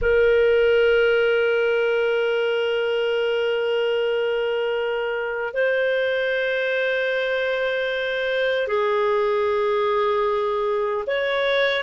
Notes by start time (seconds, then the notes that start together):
0.01 A#4
5.53 C5
8.67 G#4
11.07 C#5